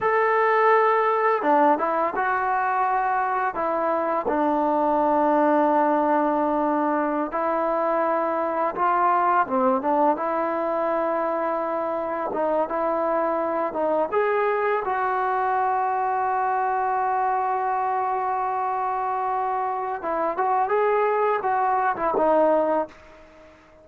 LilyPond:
\new Staff \with { instrumentName = "trombone" } { \time 4/4 \tempo 4 = 84 a'2 d'8 e'8 fis'4~ | fis'4 e'4 d'2~ | d'2~ d'16 e'4.~ e'16~ | e'16 f'4 c'8 d'8 e'4.~ e'16~ |
e'4~ e'16 dis'8 e'4. dis'8 gis'16~ | gis'8. fis'2.~ fis'16~ | fis'1 | e'8 fis'8 gis'4 fis'8. e'16 dis'4 | }